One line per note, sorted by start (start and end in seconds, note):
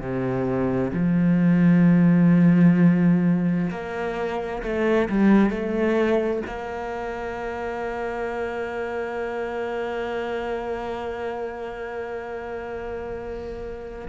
0.00 0.92 C3
0.93 3.70 F3
3.70 4.62 A#3
4.63 5.09 A3
5.09 5.50 G3
5.50 6.43 A3
6.47 14.08 A#3